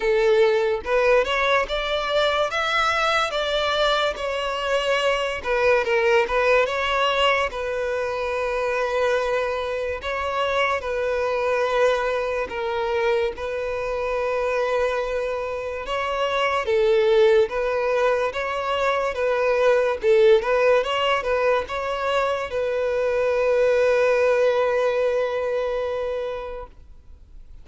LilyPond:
\new Staff \with { instrumentName = "violin" } { \time 4/4 \tempo 4 = 72 a'4 b'8 cis''8 d''4 e''4 | d''4 cis''4. b'8 ais'8 b'8 | cis''4 b'2. | cis''4 b'2 ais'4 |
b'2. cis''4 | a'4 b'4 cis''4 b'4 | a'8 b'8 cis''8 b'8 cis''4 b'4~ | b'1 | }